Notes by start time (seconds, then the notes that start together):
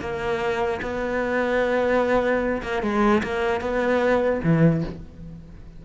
0.00 A#3
0.81 B3
2.62 A#3
2.82 G#3
3.23 A#3
3.60 B3
4.43 E3